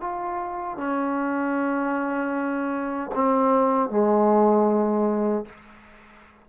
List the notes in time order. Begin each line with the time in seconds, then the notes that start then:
0.00 F4
0.77 C#4
3.14 C4
3.89 G#3